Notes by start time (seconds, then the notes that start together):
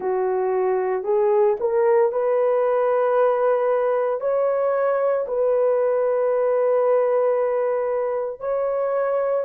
0.00 F#4
1.03 G#4
1.59 A#4
2.11 B4
4.20 C#5
5.27 B4
8.40 C#5